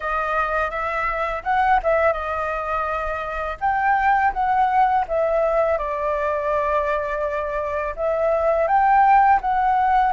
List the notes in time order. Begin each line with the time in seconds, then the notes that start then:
0.00 D#5
0.70 E5
1.43 F#5
1.83 E5
2.13 D#5
3.60 G5
4.33 F#5
5.08 E5
5.77 D5
7.96 E5
8.67 G5
9.41 F#5